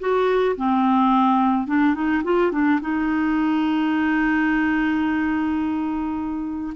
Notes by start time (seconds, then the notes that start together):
0.00 F#4
0.57 C4
1.67 D4
1.95 D#4
2.24 F4
2.52 D4
2.81 D#4